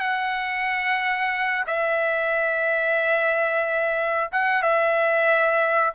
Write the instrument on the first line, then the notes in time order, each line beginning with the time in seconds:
trumpet
0.00 F#5
1.67 E5
4.32 F#5
4.62 E5